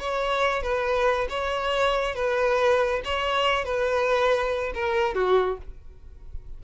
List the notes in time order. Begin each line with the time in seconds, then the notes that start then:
0.00 C#5
0.63 B4
1.30 C#5
2.15 B4
3.05 C#5
3.65 B4
4.75 A#4
5.15 F#4